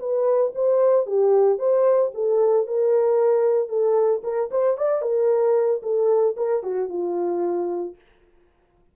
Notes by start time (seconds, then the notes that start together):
0.00 B4
0.55 C5
1.07 G4
1.59 C5
2.15 A4
2.67 A#4
3.69 A4
4.24 A#4
4.51 C5
4.78 D5
5.02 A#4
5.83 A4
6.37 A#4
6.63 F#4
6.90 F4